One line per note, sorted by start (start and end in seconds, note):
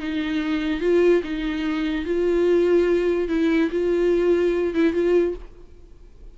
0.00 0.81 D#4
0.81 1.22 F4
1.24 2.06 D#4
2.06 3.29 F4
3.29 3.70 E4
3.71 4.75 F4
4.75 4.94 E4
4.94 5.35 F4